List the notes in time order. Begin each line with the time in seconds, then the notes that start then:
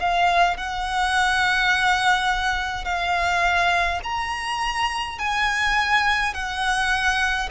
0.00 F5
0.57 F#5
2.85 F5
4.04 A#5
5.19 G#5
6.34 F#5